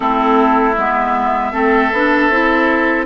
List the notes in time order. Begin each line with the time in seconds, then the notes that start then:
0.00 A3 C4 E4 A4
0.75 G#3 B3 E5
1.52 A3 C4 A4
1.92 B3 D4
2.29 C4 E4